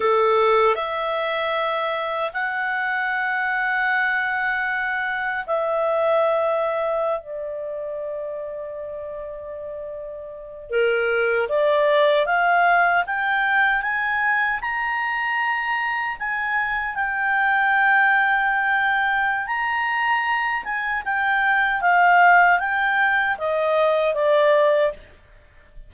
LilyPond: \new Staff \with { instrumentName = "clarinet" } { \time 4/4 \tempo 4 = 77 a'4 e''2 fis''4~ | fis''2. e''4~ | e''4~ e''16 d''2~ d''8.~ | d''4.~ d''16 ais'4 d''4 f''16~ |
f''8. g''4 gis''4 ais''4~ ais''16~ | ais''8. gis''4 g''2~ g''16~ | g''4 ais''4. gis''8 g''4 | f''4 g''4 dis''4 d''4 | }